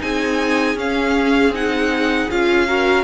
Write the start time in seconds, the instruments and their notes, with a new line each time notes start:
0.00 cello C4, viola D#4, violin G#4 G#5
0.75 cello C#4, viola C#4, violin F5
1.50 cello C4, viola D#4, violin F#5
2.30 cello C#4, viola F4, violin F5
2.67 viola F#4, violin A#4